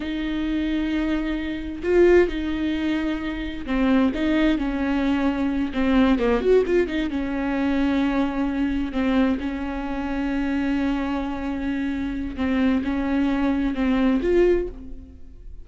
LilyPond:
\new Staff \with { instrumentName = "viola" } { \time 4/4 \tempo 4 = 131 dis'1 | f'4 dis'2. | c'4 dis'4 cis'2~ | cis'8 c'4 ais8 fis'8 f'8 dis'8 cis'8~ |
cis'2.~ cis'8 c'8~ | c'8 cis'2.~ cis'8~ | cis'2. c'4 | cis'2 c'4 f'4 | }